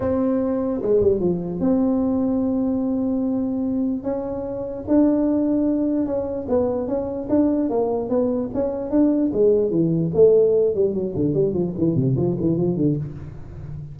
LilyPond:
\new Staff \with { instrumentName = "tuba" } { \time 4/4 \tempo 4 = 148 c'2 gis8 g8 f4 | c'1~ | c'2 cis'2 | d'2. cis'4 |
b4 cis'4 d'4 ais4 | b4 cis'4 d'4 gis4 | e4 a4. g8 fis8 d8 | g8 f8 e8 c8 f8 e8 f8 d8 | }